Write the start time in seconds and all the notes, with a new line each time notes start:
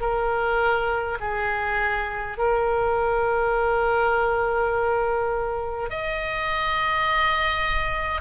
0.00 A#4
1.20 G#4
2.37 A#4
5.90 D#5